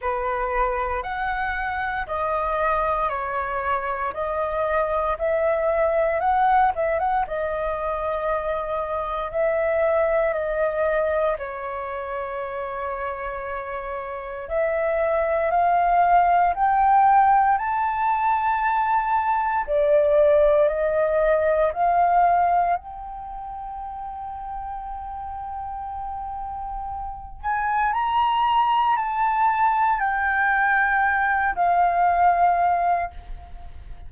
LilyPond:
\new Staff \with { instrumentName = "flute" } { \time 4/4 \tempo 4 = 58 b'4 fis''4 dis''4 cis''4 | dis''4 e''4 fis''8 e''16 fis''16 dis''4~ | dis''4 e''4 dis''4 cis''4~ | cis''2 e''4 f''4 |
g''4 a''2 d''4 | dis''4 f''4 g''2~ | g''2~ g''8 gis''8 ais''4 | a''4 g''4. f''4. | }